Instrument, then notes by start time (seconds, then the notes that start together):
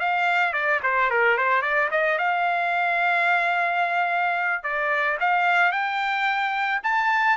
trumpet
0.00 F5
0.53 D5
0.83 C5
1.10 A#4
1.37 C5
1.62 D5
1.91 D#5
2.18 F5
4.63 D5
5.20 F5
5.72 G5
6.83 A5